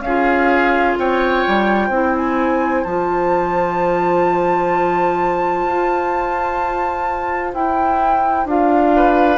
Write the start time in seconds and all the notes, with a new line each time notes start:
0.00 C#4 G#4 F5
0.07 F4
0.98 C4 C#5 G5
1.47 G3
1.87 C4 E4 C5
2.16 G#5
2.84 F3 F4 A5
5.65 F4
7.54 E4 G5
8.45 D4 F4 F5
8.96 B4